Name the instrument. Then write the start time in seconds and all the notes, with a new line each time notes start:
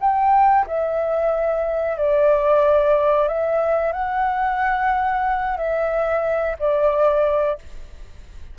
flute
0.00 G5
0.67 E5
1.97 D5
3.28 E5
3.92 F#5
5.57 E5
6.59 D5